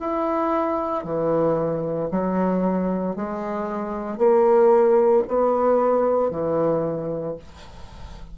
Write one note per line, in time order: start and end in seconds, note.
0.00 1.05 E4
1.05 2.10 E3
2.11 3.16 F#3
3.16 4.18 G#3
4.18 5.23 A#3
5.28 6.31 B3
6.31 7.36 E3